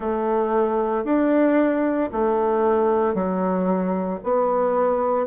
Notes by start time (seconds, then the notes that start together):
0.00 A3
1.04 D4
2.12 A3
3.14 F#3
4.23 B3